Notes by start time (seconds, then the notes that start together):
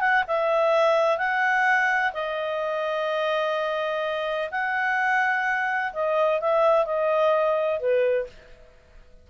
0.00 F#5
0.27 E5
1.17 F#5
2.13 D#5
4.51 F#5
5.93 D#5
6.40 E5
6.85 D#5
7.80 B4